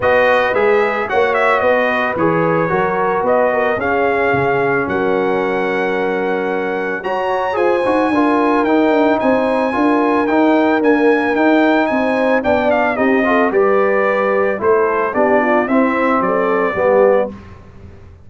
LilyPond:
<<
  \new Staff \with { instrumentName = "trumpet" } { \time 4/4 \tempo 4 = 111 dis''4 e''4 fis''8 e''8 dis''4 | cis''2 dis''4 f''4~ | f''4 fis''2.~ | fis''4 ais''4 gis''2 |
g''4 gis''2 g''4 | gis''4 g''4 gis''4 g''8 f''8 | dis''4 d''2 c''4 | d''4 e''4 d''2 | }
  \new Staff \with { instrumentName = "horn" } { \time 4/4 b'2 cis''4 b'4~ | b'4 ais'4 b'8 ais'8 gis'4~ | gis'4 ais'2.~ | ais'4 cis''4 c''4 ais'4~ |
ais'4 c''4 ais'2~ | ais'2 c''4 d''4 | g'8 a'8 b'2 a'4 | g'8 f'8 e'4 a'4 g'4 | }
  \new Staff \with { instrumentName = "trombone" } { \time 4/4 fis'4 gis'4 fis'2 | gis'4 fis'2 cis'4~ | cis'1~ | cis'4 fis'4 gis'8 fis'8 f'4 |
dis'2 f'4 dis'4 | ais4 dis'2 d'4 | dis'8 f'8 g'2 e'4 | d'4 c'2 b4 | }
  \new Staff \with { instrumentName = "tuba" } { \time 4/4 b4 gis4 ais4 b4 | e4 fis4 b4 cis'4 | cis4 fis2.~ | fis4 fis'4 f'8 dis'8 d'4 |
dis'8 d'8 c'4 d'4 dis'4 | d'4 dis'4 c'4 b4 | c'4 g2 a4 | b4 c'4 fis4 g4 | }
>>